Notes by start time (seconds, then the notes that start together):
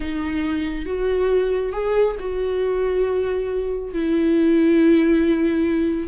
0.00 D#4
0.85 F#4
1.72 G#4
2.19 F#4
3.93 E4